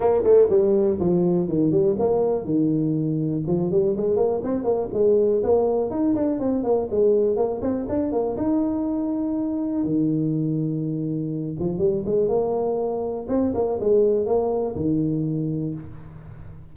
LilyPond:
\new Staff \with { instrumentName = "tuba" } { \time 4/4 \tempo 4 = 122 ais8 a8 g4 f4 dis8 g8 | ais4 dis2 f8 g8 | gis8 ais8 c'8 ais8 gis4 ais4 | dis'8 d'8 c'8 ais8 gis4 ais8 c'8 |
d'8 ais8 dis'2. | dis2.~ dis8 f8 | g8 gis8 ais2 c'8 ais8 | gis4 ais4 dis2 | }